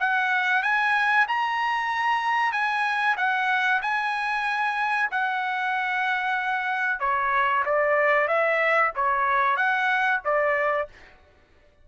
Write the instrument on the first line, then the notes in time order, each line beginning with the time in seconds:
trumpet
0.00 F#5
0.63 G#5
1.28 A#5
2.52 G#5
3.17 F#5
3.82 G#5
5.11 F#5
7.00 C#5
7.65 D5
8.28 E5
8.96 C#5
9.57 F#5
10.25 D5